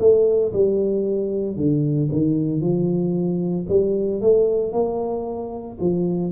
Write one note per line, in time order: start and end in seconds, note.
0.00 0.53 A3
0.53 1.57 G3
1.57 2.10 D3
2.12 2.61 D#3
2.61 3.67 F3
3.69 4.22 G3
4.22 4.73 A3
4.73 5.78 A#3
5.81 6.33 F3